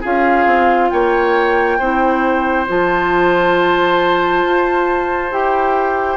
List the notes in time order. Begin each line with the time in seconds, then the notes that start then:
0.00 C#4 F4 G#4 F5
0.46 C4
0.90 A#3 C#5 G5
1.78 C4 E4 C5
2.67 F3 F4 A5
4.44 F4
5.31 E4 G4 G5